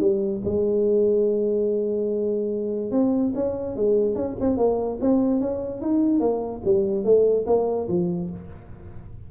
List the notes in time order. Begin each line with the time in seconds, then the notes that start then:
0.00 G3
0.45 G#3
2.91 C4
3.35 C#4
3.76 G#3
4.15 C#4
4.41 C4
4.57 A#3
5.01 C4
5.40 C#4
5.81 D#4
6.20 A#3
6.65 G3
7.04 A3
7.47 A#3
7.88 F3